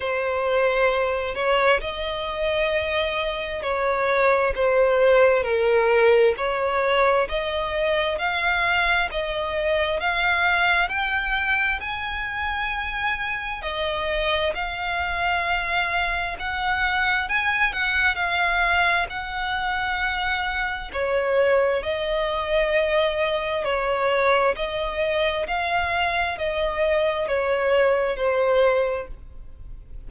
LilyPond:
\new Staff \with { instrumentName = "violin" } { \time 4/4 \tempo 4 = 66 c''4. cis''8 dis''2 | cis''4 c''4 ais'4 cis''4 | dis''4 f''4 dis''4 f''4 | g''4 gis''2 dis''4 |
f''2 fis''4 gis''8 fis''8 | f''4 fis''2 cis''4 | dis''2 cis''4 dis''4 | f''4 dis''4 cis''4 c''4 | }